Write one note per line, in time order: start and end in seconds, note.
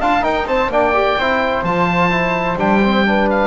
0.00 0.23 D4
0.00 0.21 F4
0.00 0.24 F5
0.00 0.24 A5
0.21 0.44 D#4
0.21 0.69 D#4
0.21 0.47 A#4
0.21 0.48 G5
0.47 0.71 C4
0.47 0.72 C5
0.47 0.71 A5
0.69 1.16 A#3
0.69 0.94 D4
0.69 1.19 D5
0.69 1.65 G5
0.94 1.17 G4
1.18 1.63 C4
1.18 1.67 E4
1.18 3.07 C5
1.63 2.57 F3
1.63 2.11 F4
1.63 2.58 A5
2.11 2.57 E4
2.57 3.48 G3
2.57 2.81 D4
2.57 3.30 G5
2.84 3.06 C4
3.06 3.48 D4
3.06 3.48 B4
3.30 3.48 F5